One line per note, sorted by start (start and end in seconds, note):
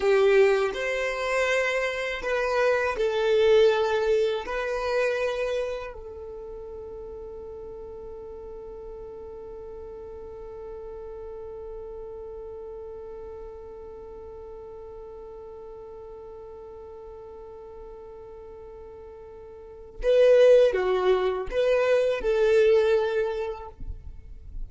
0.00 0.71 G4
0.73 2.22 C5
2.22 2.96 B4
2.97 4.45 A4
4.45 5.93 B4
5.93 20.00 A4
20.02 20.73 B4
20.73 21.47 F#4
21.51 22.21 B4
22.21 23.69 A4